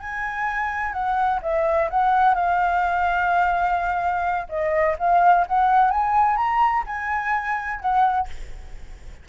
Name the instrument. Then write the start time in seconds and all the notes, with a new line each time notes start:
flute
0.00 G#5
0.93 F#5
1.42 E5
1.90 F#5
2.35 F5
4.49 D#5
4.98 F5
5.47 F#5
5.91 G#5
6.37 A#5
6.86 G#5
7.80 F#5